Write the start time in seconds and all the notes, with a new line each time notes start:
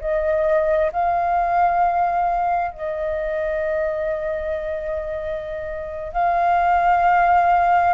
0.00 D#5
0.92 F5
2.71 D#5
6.12 F5